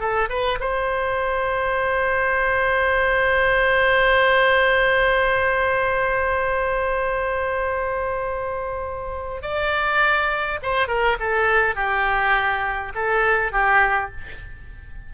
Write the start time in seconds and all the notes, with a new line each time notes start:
0.00 A4
0.30 B4
0.60 C5
9.42 D5
10.63 C5
10.88 A#4
11.20 A4
11.76 G4
12.95 A4
13.52 G4